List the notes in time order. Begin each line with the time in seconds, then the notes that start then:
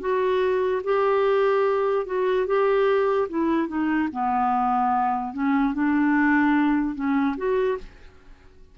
0.00 F#4
0.84 G4
2.06 F#4
2.47 G4
3.29 E4
3.68 D#4
4.12 B3
5.33 C#4
5.74 D4
6.95 C#4
7.37 F#4